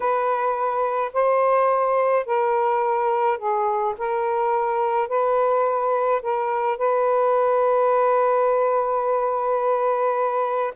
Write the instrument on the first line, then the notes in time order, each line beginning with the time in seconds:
saxophone
0.00 B4
1.13 C5
2.26 A#4
3.38 G#4
3.98 A#4
5.08 B4
6.22 A#4
6.77 B4